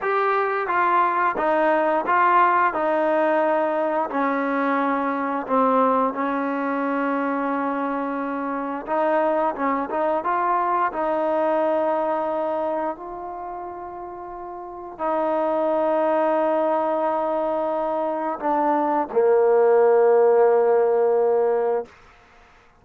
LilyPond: \new Staff \with { instrumentName = "trombone" } { \time 4/4 \tempo 4 = 88 g'4 f'4 dis'4 f'4 | dis'2 cis'2 | c'4 cis'2.~ | cis'4 dis'4 cis'8 dis'8 f'4 |
dis'2. f'4~ | f'2 dis'2~ | dis'2. d'4 | ais1 | }